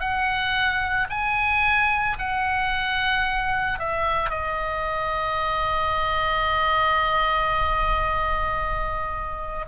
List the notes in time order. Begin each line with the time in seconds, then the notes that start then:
0.00 F#5
1.10 G#5
2.18 F#5
3.78 E5
4.29 D#5